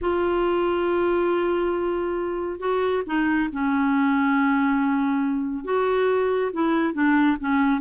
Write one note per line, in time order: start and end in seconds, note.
0.01 2.59 F4
2.59 3.03 F#4
3.06 3.49 D#4
3.52 5.64 C#4
5.64 6.51 F#4
6.52 6.93 E4
6.93 7.37 D4
7.40 7.80 C#4